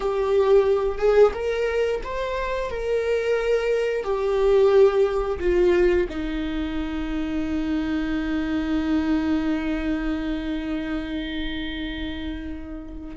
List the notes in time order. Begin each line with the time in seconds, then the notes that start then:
0.00 G4
0.98 G#4
1.33 A#4
2.03 C5
2.70 A#4
4.03 G4
5.39 F4
6.09 D#4